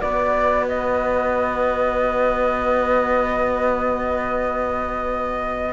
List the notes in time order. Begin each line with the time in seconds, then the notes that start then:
0.00 B3 F#4 B4 D5
0.68 D#5